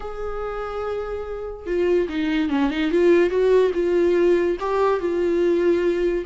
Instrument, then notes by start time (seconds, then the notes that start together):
viola
0.00 G#4
1.66 F4
2.08 D#4
2.49 C#4
2.70 D#4
2.91 F4
3.29 F#4
3.73 F4
4.60 G4
5.00 F4